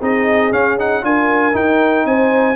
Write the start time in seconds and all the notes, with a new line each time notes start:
0.00 C4 D#4 G#4 D#5
0.52 C#4 F5
0.78 D#4 F#5
1.02 D4 F4 A#4 G#5
1.52 D#4 G5
2.05 C4 C5 G#5